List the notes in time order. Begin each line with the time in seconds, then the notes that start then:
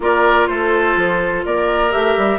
0.00 A#3 F4 A#4 D5
0.47 A3 A4 C5
0.96 F3
1.45 A#3 A#4 D5
1.91 A3 G4 E5
2.17 G3